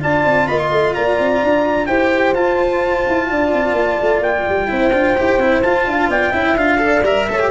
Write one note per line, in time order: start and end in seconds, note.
0.00 0.25 D4
0.00 1.88 F4
0.00 0.48 D5
0.00 0.47 A5
0.25 0.48 C4
0.47 0.71 A#3
0.47 0.95 D#5
0.47 0.59 B5
0.59 0.94 C6
0.71 0.94 A3
0.94 1.19 A#3
0.94 1.88 D5
0.94 1.86 A#5
1.19 1.42 C4
1.43 1.88 D4
1.86 2.34 E4
1.86 2.35 G4
1.86 3.28 C5
1.86 2.33 G5
2.34 3.04 F4
2.34 4.68 F4
2.34 4.22 A5
3.08 3.30 E4
3.30 3.53 D4
3.30 4.71 D5
3.53 3.72 C4
3.72 3.96 A#3
4.01 4.20 A3
4.20 4.44 A#3
4.20 5.62 G5
4.49 4.71 G3
4.68 4.92 C4
4.68 4.91 E4
4.68 5.88 C5
4.92 5.15 D4
4.92 5.16 F4
5.17 5.37 E4
5.17 5.40 G4
5.37 5.60 C4
5.37 5.63 E4
5.62 6.33 F4
5.62 5.86 F4
5.62 6.09 A5
5.86 6.08 D4
5.86 6.11 F5
6.08 6.32 B3
6.08 6.31 D5
6.08 6.58 G5
6.31 6.56 C#4
6.31 6.57 E4
6.31 6.78 E5
6.56 7.03 D4
6.56 6.78 F4
6.56 7.04 F5
6.78 7.02 A4
6.78 7.29 D5
7.03 7.26 G3
7.03 7.28 A#4
7.03 7.51 E5
7.29 7.51 A3
7.29 7.39 A4
7.29 7.51 C#5
7.39 7.51 G4